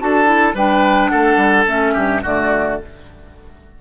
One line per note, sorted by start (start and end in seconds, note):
0.00 0.55 D4
0.00 0.25 F#4
0.00 0.55 A4
0.00 0.56 A5
0.25 0.53 E4
0.55 1.11 G3
0.55 1.67 D4
0.55 1.11 B4
0.55 1.09 G5
1.09 1.37 A3
1.09 1.93 A4
1.09 1.65 F#5
1.37 1.65 G3
1.67 1.96 A3
1.67 2.23 C#4
1.67 2.24 E5
1.93 2.24 G2
1.93 2.21 G4
2.23 2.81 D3
2.23 2.80 A3
2.23 2.79 F#4
2.23 2.81 D5